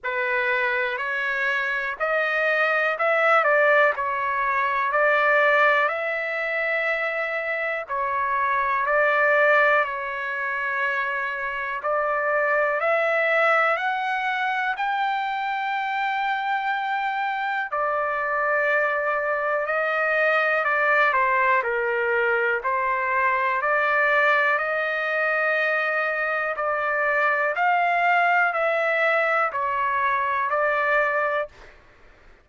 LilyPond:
\new Staff \with { instrumentName = "trumpet" } { \time 4/4 \tempo 4 = 61 b'4 cis''4 dis''4 e''8 d''8 | cis''4 d''4 e''2 | cis''4 d''4 cis''2 | d''4 e''4 fis''4 g''4~ |
g''2 d''2 | dis''4 d''8 c''8 ais'4 c''4 | d''4 dis''2 d''4 | f''4 e''4 cis''4 d''4 | }